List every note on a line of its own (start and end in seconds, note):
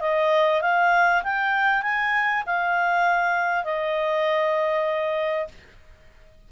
0.00 0.61 D#5
0.61 1.22 F5
1.23 1.82 G5
1.82 2.44 G#5
2.46 3.64 F5
3.64 5.48 D#5